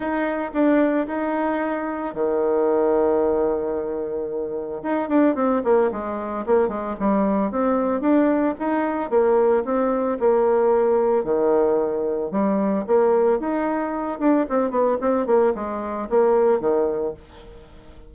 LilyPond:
\new Staff \with { instrumentName = "bassoon" } { \time 4/4 \tempo 4 = 112 dis'4 d'4 dis'2 | dis1~ | dis4 dis'8 d'8 c'8 ais8 gis4 | ais8 gis8 g4 c'4 d'4 |
dis'4 ais4 c'4 ais4~ | ais4 dis2 g4 | ais4 dis'4. d'8 c'8 b8 | c'8 ais8 gis4 ais4 dis4 | }